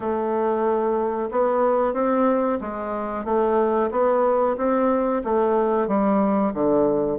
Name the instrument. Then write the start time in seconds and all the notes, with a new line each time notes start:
bassoon
0.00 A3
1.31 B3
1.93 C4
2.61 G#3
3.24 A3
3.91 B3
4.57 C4
5.24 A3
5.87 G3
6.53 D3